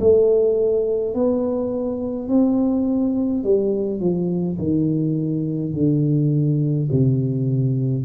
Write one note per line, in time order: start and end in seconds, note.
0.00 1.14 A3
1.14 2.29 B3
2.29 3.44 C4
3.44 4.00 G3
4.00 4.58 F3
4.58 5.73 D#3
5.73 6.89 D3
6.91 8.05 C3